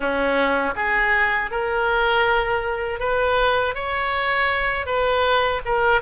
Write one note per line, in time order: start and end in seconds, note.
0.00 0.74 C#4
0.75 1.50 G#4
1.50 2.99 A#4
2.99 3.74 B4
3.74 4.86 C#5
4.86 5.61 B4
5.65 6.01 A#4